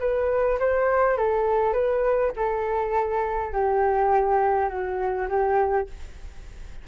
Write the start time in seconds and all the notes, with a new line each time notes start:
0.00 B4
0.60 C5
1.18 A4
1.74 B4
2.37 A4
3.53 G4
4.70 F#4
5.29 G4